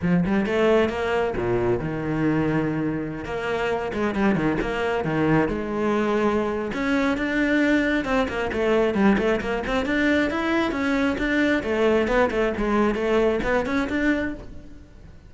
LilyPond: \new Staff \with { instrumentName = "cello" } { \time 4/4 \tempo 4 = 134 f8 g8 a4 ais4 ais,4 | dis2.~ dis16 ais8.~ | ais8. gis8 g8 dis8 ais4 dis8.~ | dis16 gis2~ gis8. cis'4 |
d'2 c'8 ais8 a4 | g8 a8 ais8 c'8 d'4 e'4 | cis'4 d'4 a4 b8 a8 | gis4 a4 b8 cis'8 d'4 | }